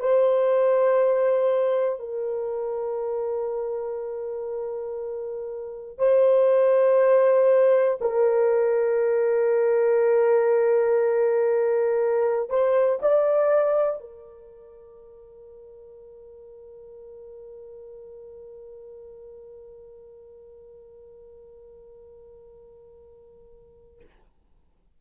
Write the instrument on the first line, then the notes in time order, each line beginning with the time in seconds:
horn
0.00 C5
2.00 A#4
5.99 C5
8.01 A#4
12.50 C5
13.03 D5
14.01 A#4